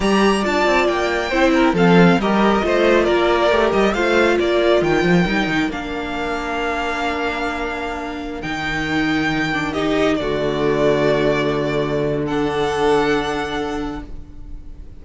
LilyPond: <<
  \new Staff \with { instrumentName = "violin" } { \time 4/4 \tempo 4 = 137 ais''4 a''4 g''2 | f''4 dis''2 d''4~ | d''8 dis''8 f''4 d''4 g''4~ | g''4 f''2.~ |
f''2.~ f''16 g''8.~ | g''2~ g''16 dis''4 d''8.~ | d''1 | fis''1 | }
  \new Staff \with { instrumentName = "violin" } { \time 4/4 d''2. c''8 ais'8 | a'4 ais'4 c''4 ais'4~ | ais'4 c''4 ais'2~ | ais'1~ |
ais'1~ | ais'2~ ais'16 g'4 fis'8.~ | fis'1 | a'1 | }
  \new Staff \with { instrumentName = "viola" } { \time 4/4 g'4 f'2 e'4 | c'4 g'4 f'2 | g'4 f'2. | dis'4 d'2.~ |
d'2.~ d'16 dis'8.~ | dis'4.~ dis'16 d'8 dis'4 a8.~ | a1 | d'1 | }
  \new Staff \with { instrumentName = "cello" } { \time 4/4 g4 d'8 c'8 ais4 c'4 | f4 g4 a4 ais4 | a8 g8 a4 ais4 dis8 f8 | g8 dis8 ais2.~ |
ais2.~ ais16 dis8.~ | dis2.~ dis16 d8.~ | d1~ | d1 | }
>>